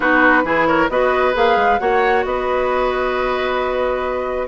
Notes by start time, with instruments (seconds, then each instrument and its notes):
0.00 bassoon B3, clarinet D#4, oboe F#4, flute B4
0.43 bassoon E3, clarinet E4, oboe G#4
0.66 oboe A#4, flute C#5
0.89 bassoon B3, clarinet F#4, oboe B4, flute D#5
1.33 bassoon A#3, clarinet G#4, flute F5
1.56 bassoon G#3
1.79 bassoon A#3, clarinet F#4, oboe C#5, flute F#5
2.24 bassoon B3, oboe B4, flute D#5